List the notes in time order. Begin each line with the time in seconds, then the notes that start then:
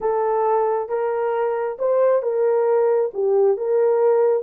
0.00 A4
0.88 A#4
1.79 C5
2.22 A#4
3.13 G4
3.57 A#4